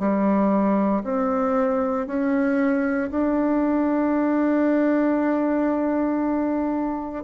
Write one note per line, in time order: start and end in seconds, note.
0.00 1.03 G3
1.04 2.07 C4
2.07 3.10 C#4
3.11 7.24 D4